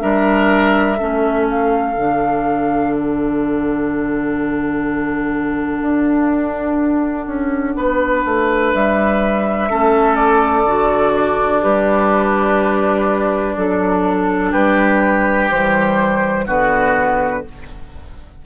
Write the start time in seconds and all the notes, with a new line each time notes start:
0.00 G3 D4 A#4 E5
0.98 A3 C#4 A4
1.51 F5
1.97 D3 D4
2.94 F#5
5.82 D4
7.27 C#4
7.76 B3 B4
8.25 A3
8.74 G3 E5
9.70 A3 C#4 A4
10.16 D5
10.65 D3 F#4
11.13 D4
11.61 G3 G4 B4
13.57 F#3 D4 A4
14.51 G3 G4 B4
15.51 E3 G3 C5
16.47 D3 B3 F#4 B4